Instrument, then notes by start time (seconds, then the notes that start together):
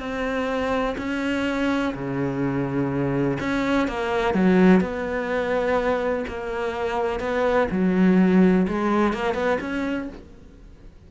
cello
0.00 C4
0.98 C#4
1.94 C#3
3.40 C#4
3.88 A#3
4.34 F#3
4.81 B3
6.28 A#3
7.20 B3
7.71 F#3
8.68 G#3
9.14 A#3
9.34 B3
9.61 C#4